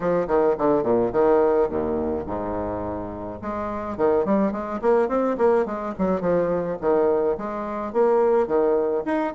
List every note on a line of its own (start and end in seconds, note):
0.00 0.27 F3
0.27 0.56 D#3
0.58 0.83 D3
0.83 1.11 A#2
1.12 1.69 D#3
1.69 2.25 D#2
2.26 3.39 G#2
3.41 3.97 G#3
3.97 4.25 D#3
4.25 4.51 G3
4.51 4.80 G#3
4.81 5.08 A#3
5.08 5.36 C4
5.37 5.65 A#3
5.65 5.93 G#3
5.98 6.21 F#3
6.21 6.77 F3
6.80 7.37 D#3
7.37 7.92 G#3
7.92 8.47 A#3
8.47 9.04 D#3
9.05 9.33 D#4